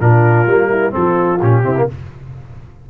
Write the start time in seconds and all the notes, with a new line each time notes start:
0.00 A#2 D4 F4 A#4
0.46 G3 A#3
0.70 E4
0.91 F3 C4 A4
0.98 F4
1.41 A#2 C#4 G4
1.62 C3 C4 E4
1.77 A#3